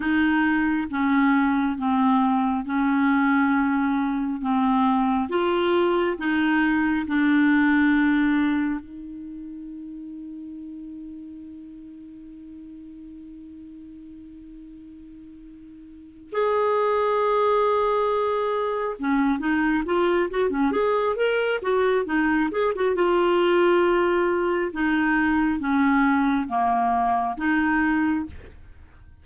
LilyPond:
\new Staff \with { instrumentName = "clarinet" } { \time 4/4 \tempo 4 = 68 dis'4 cis'4 c'4 cis'4~ | cis'4 c'4 f'4 dis'4 | d'2 dis'2~ | dis'1~ |
dis'2~ dis'8 gis'4.~ | gis'4. cis'8 dis'8 f'8 fis'16 cis'16 gis'8 | ais'8 fis'8 dis'8 gis'16 fis'16 f'2 | dis'4 cis'4 ais4 dis'4 | }